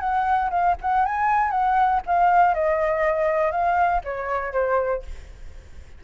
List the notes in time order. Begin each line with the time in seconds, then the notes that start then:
0.00 F#5
0.50 F5
0.82 F#5
1.06 G#5
1.51 F#5
2.06 F5
2.54 D#5
3.52 F5
4.05 C#5
4.53 C5